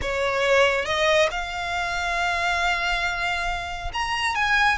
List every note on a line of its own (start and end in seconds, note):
0.01 0.85 C#5
0.85 1.28 D#5
1.30 3.91 F5
3.93 4.35 A#5
4.35 4.77 G#5